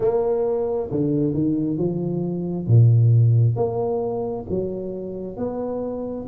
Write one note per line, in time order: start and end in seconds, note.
0.00 0.90 A#3
0.91 1.34 D3
1.34 1.77 D#3
1.77 2.67 F3
2.67 3.56 A#2
3.56 4.45 A#3
4.49 5.36 F#3
5.36 6.26 B3